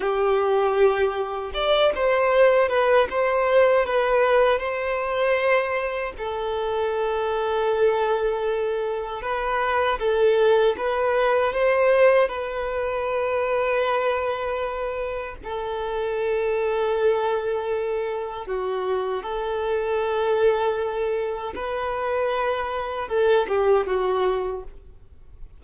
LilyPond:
\new Staff \with { instrumentName = "violin" } { \time 4/4 \tempo 4 = 78 g'2 d''8 c''4 b'8 | c''4 b'4 c''2 | a'1 | b'4 a'4 b'4 c''4 |
b'1 | a'1 | fis'4 a'2. | b'2 a'8 g'8 fis'4 | }